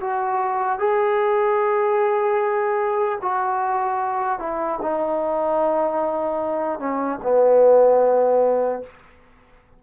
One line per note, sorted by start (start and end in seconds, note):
0.00 0.78 F#4
0.78 3.18 G#4
3.21 4.39 F#4
4.39 4.79 E4
4.81 6.79 D#4
6.79 7.19 C#4
7.23 8.83 B3